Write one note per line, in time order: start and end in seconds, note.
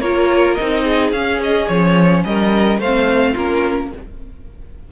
0.00 0.57 A#3
0.00 0.58 F4
0.00 0.83 A#4
0.00 0.54 C#5
0.54 1.12 C4
0.54 1.14 D#4
0.54 1.10 D#5
0.83 2.22 G#4
1.12 1.68 C#4
1.12 2.80 C#4
1.12 1.40 F5
1.43 1.68 D#5
1.68 2.24 F3
1.68 2.23 C#5
2.24 2.78 G3
2.24 2.80 A#4
2.24 2.80 D#5
2.78 3.34 A3
2.78 3.32 C5
2.78 3.36 F5
2.85 3.36 C4
3.32 3.92 A#3
3.32 3.92 C#4
3.32 3.88 F4
3.32 3.92 A#4